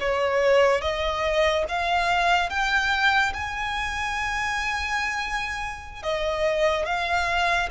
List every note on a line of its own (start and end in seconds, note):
0.00 0.81 C#5
0.81 1.65 D#5
1.68 2.49 F5
2.49 3.33 G5
3.34 6.03 G#5
6.03 6.86 D#5
6.86 7.69 F5